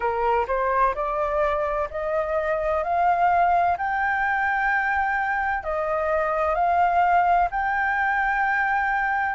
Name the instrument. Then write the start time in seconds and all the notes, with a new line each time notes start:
flute
0.00 A#4
0.47 C5
0.95 D5
1.90 D#5
2.83 F5
3.78 G5
5.63 D#5
6.55 F5
7.50 G5